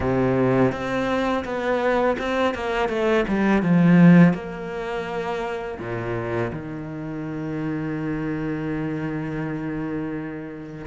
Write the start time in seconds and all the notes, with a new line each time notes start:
0.00 C3
0.72 C4
1.44 B3
2.18 C4
2.54 A#3
2.88 A3
3.28 G3
3.62 F3
4.33 A#3
5.78 A#2
6.52 D#3